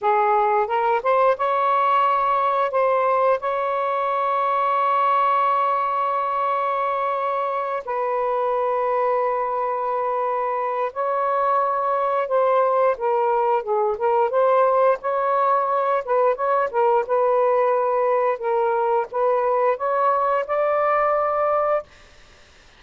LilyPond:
\new Staff \with { instrumentName = "saxophone" } { \time 4/4 \tempo 4 = 88 gis'4 ais'8 c''8 cis''2 | c''4 cis''2.~ | cis''2.~ cis''8 b'8~ | b'1 |
cis''2 c''4 ais'4 | gis'8 ais'8 c''4 cis''4. b'8 | cis''8 ais'8 b'2 ais'4 | b'4 cis''4 d''2 | }